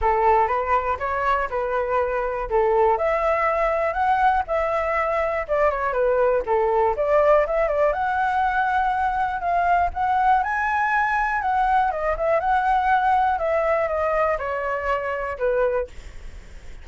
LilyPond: \new Staff \with { instrumentName = "flute" } { \time 4/4 \tempo 4 = 121 a'4 b'4 cis''4 b'4~ | b'4 a'4 e''2 | fis''4 e''2 d''8 cis''8 | b'4 a'4 d''4 e''8 d''8 |
fis''2. f''4 | fis''4 gis''2 fis''4 | dis''8 e''8 fis''2 e''4 | dis''4 cis''2 b'4 | }